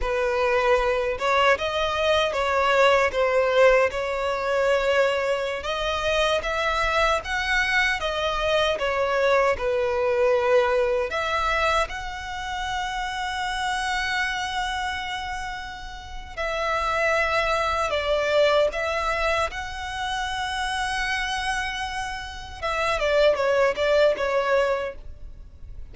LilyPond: \new Staff \with { instrumentName = "violin" } { \time 4/4 \tempo 4 = 77 b'4. cis''8 dis''4 cis''4 | c''4 cis''2~ cis''16 dis''8.~ | dis''16 e''4 fis''4 dis''4 cis''8.~ | cis''16 b'2 e''4 fis''8.~ |
fis''1~ | fis''4 e''2 d''4 | e''4 fis''2.~ | fis''4 e''8 d''8 cis''8 d''8 cis''4 | }